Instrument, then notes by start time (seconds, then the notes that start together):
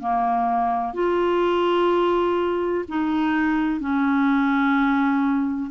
clarinet
0.00 A#3
0.94 F4
2.89 D#4
3.81 C#4